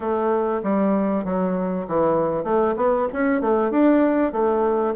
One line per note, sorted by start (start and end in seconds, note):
0.00 0.61 A3
0.63 1.24 G3
1.24 1.86 F#3
1.87 2.43 E3
2.43 2.74 A3
2.76 3.07 B3
3.12 3.41 C#4
3.41 3.70 A3
3.70 4.32 D4
4.32 4.94 A3